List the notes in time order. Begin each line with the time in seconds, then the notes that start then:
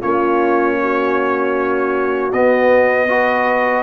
0.00 A#3 C#4 F4 C#5
0.82 F#4
2.33 B3 D#5
3.08 F#4 B4